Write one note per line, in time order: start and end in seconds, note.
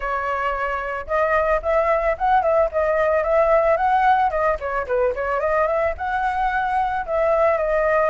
0.00 1.06 C#5
1.07 1.61 D#5
1.62 2.16 E5
2.18 2.42 F#5
2.42 2.69 E5
2.71 3.23 D#5
3.23 3.76 E5
3.76 4.30 F#5
4.30 4.57 D#5
4.59 4.86 C#5
4.86 5.14 B4
5.14 5.40 C#5
5.40 5.67 D#5
5.67 5.94 E5
5.97 7.05 F#5
7.06 7.57 E5
7.57 8.10 D#5